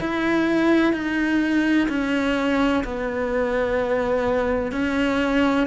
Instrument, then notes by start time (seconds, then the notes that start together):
cello
0.00 E4
0.93 D#4
1.88 C#4
2.84 B3
4.71 C#4